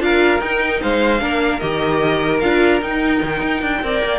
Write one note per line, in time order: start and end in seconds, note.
0.00 0.40 D4
0.00 0.40 F4
0.00 0.82 A#4
0.00 0.41 F5
0.41 0.81 D#4
0.41 1.20 D#4
0.41 0.81 G5
0.82 1.22 G#3
0.82 1.21 C5
0.82 1.60 F5
1.20 1.62 A#3
1.20 1.60 D4
1.20 3.81 A#4
1.60 2.43 D#3
1.60 2.42 G4
1.60 2.40 D#5
2.40 2.82 D4
2.40 2.82 F4
2.40 2.80 F5
2.82 3.22 D#4
2.82 3.83 D#4
2.82 4.20 G5
3.23 3.42 D#3
3.42 3.62 D#4
3.62 3.82 D4
3.83 4.03 C4
3.83 4.20 A#4
3.83 4.20 D5
4.04 4.20 A#3